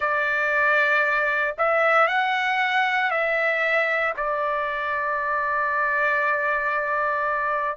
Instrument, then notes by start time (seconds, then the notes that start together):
trumpet
0.00 D5
1.58 E5
2.07 F#5
3.10 E5
4.17 D5